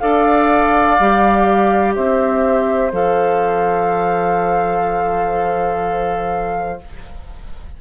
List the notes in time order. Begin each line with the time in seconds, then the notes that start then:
0.00 D4 A4 D5 F5
1.00 G3 G4
1.96 C4 C5 E5
2.92 F3 A4 F5